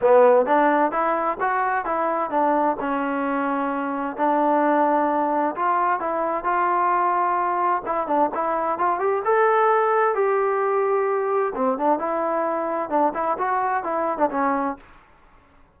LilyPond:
\new Staff \with { instrumentName = "trombone" } { \time 4/4 \tempo 4 = 130 b4 d'4 e'4 fis'4 | e'4 d'4 cis'2~ | cis'4 d'2. | f'4 e'4 f'2~ |
f'4 e'8 d'8 e'4 f'8 g'8 | a'2 g'2~ | g'4 c'8 d'8 e'2 | d'8 e'8 fis'4 e'8. d'16 cis'4 | }